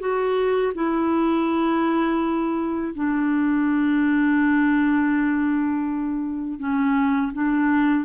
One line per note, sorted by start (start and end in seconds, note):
0.00 0.73 F#4
0.75 2.94 E4
2.95 6.59 D4
6.59 7.32 C#4
7.33 8.05 D4